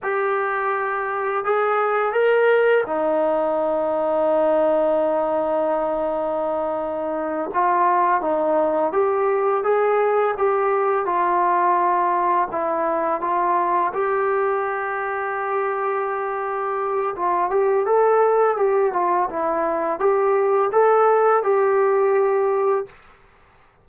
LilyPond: \new Staff \with { instrumentName = "trombone" } { \time 4/4 \tempo 4 = 84 g'2 gis'4 ais'4 | dis'1~ | dis'2~ dis'8 f'4 dis'8~ | dis'8 g'4 gis'4 g'4 f'8~ |
f'4. e'4 f'4 g'8~ | g'1 | f'8 g'8 a'4 g'8 f'8 e'4 | g'4 a'4 g'2 | }